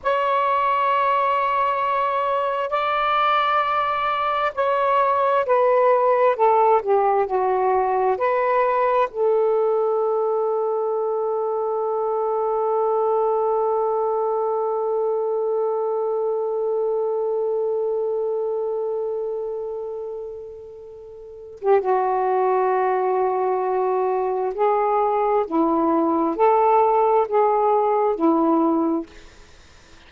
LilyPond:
\new Staff \with { instrumentName = "saxophone" } { \time 4/4 \tempo 4 = 66 cis''2. d''4~ | d''4 cis''4 b'4 a'8 g'8 | fis'4 b'4 a'2~ | a'1~ |
a'1~ | a'2.~ a'8. g'16 | fis'2. gis'4 | e'4 a'4 gis'4 e'4 | }